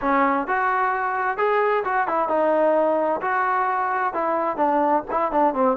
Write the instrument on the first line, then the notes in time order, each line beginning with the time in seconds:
trombone
0.01 C#4
0.47 F#4
1.37 G#4
1.84 F#4
2.07 E4
2.28 D#4
3.21 F#4
4.13 E4
4.57 D4
5.10 E4
5.31 D4
5.54 C4